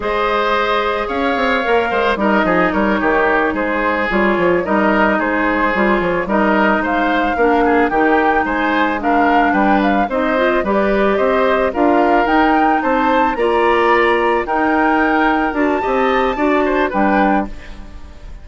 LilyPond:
<<
  \new Staff \with { instrumentName = "flute" } { \time 4/4 \tempo 4 = 110 dis''2 f''2 | dis''4 cis''4. c''4 cis''8~ | cis''8 dis''4 c''4. cis''8 dis''8~ | dis''8 f''2 g''4 gis''8~ |
gis''8 f''4 g''8 f''8 dis''4 d''8~ | d''8 dis''4 f''4 g''4 a''8~ | a''8 ais''2 g''4.~ | g''8 a''2~ a''8 g''4 | }
  \new Staff \with { instrumentName = "oboe" } { \time 4/4 c''2 cis''4. c''8 | ais'8 gis'8 ais'8 g'4 gis'4.~ | gis'8 ais'4 gis'2 ais'8~ | ais'8 c''4 ais'8 gis'8 g'4 c''8~ |
c''8 ais'4 b'4 c''4 b'8~ | b'8 c''4 ais'2 c''8~ | c''8 d''2 ais'4.~ | ais'4 dis''4 d''8 c''8 b'4 | }
  \new Staff \with { instrumentName = "clarinet" } { \time 4/4 gis'2. ais'4 | dis'2.~ dis'8 f'8~ | f'8 dis'2 f'4 dis'8~ | dis'4. d'4 dis'4.~ |
dis'8 d'2 dis'8 f'8 g'8~ | g'4. f'4 dis'4.~ | dis'8 f'2 dis'4.~ | dis'8 fis'8 g'4 fis'4 d'4 | }
  \new Staff \with { instrumentName = "bassoon" } { \time 4/4 gis2 cis'8 c'8 ais8 gis8 | g8 f8 g8 dis4 gis4 g8 | f8 g4 gis4 g8 f8 g8~ | g8 gis4 ais4 dis4 gis8~ |
gis4. g4 c'4 g8~ | g8 c'4 d'4 dis'4 c'8~ | c'8 ais2 dis'4.~ | dis'8 d'8 c'4 d'4 g4 | }
>>